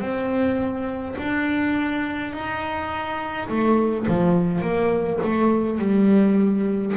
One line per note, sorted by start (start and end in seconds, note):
0.00 1.15 C4
1.18 2.33 D4
2.33 3.49 D#4
3.49 4.06 A3
4.08 4.62 F3
4.62 5.19 A#3
5.23 5.79 A3
5.79 6.94 G3